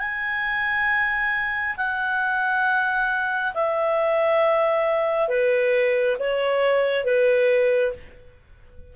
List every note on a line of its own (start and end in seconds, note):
0.00 1.76 G#5
1.77 3.54 F#5
3.55 5.29 E5
5.29 6.17 B4
6.20 7.05 C#5
7.05 7.93 B4